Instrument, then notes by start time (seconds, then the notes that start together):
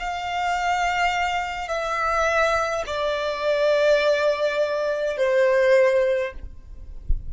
violin
0.00 F5
1.68 E5
2.87 D5
5.18 C5